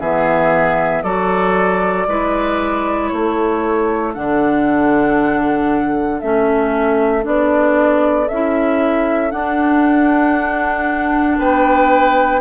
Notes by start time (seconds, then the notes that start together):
0.00 E3 B3 G#4 E5
1.03 F#3 F#4 A4 D5
2.08 G#3 E4 B4
3.09 A3 A4 C#5
4.14 D3 D4 F#5
6.21 A3 C#4 E5
7.23 B3 D4 D5
8.29 C#4 E4 E5
9.31 D4 F#5
11.39 B3 B4 G5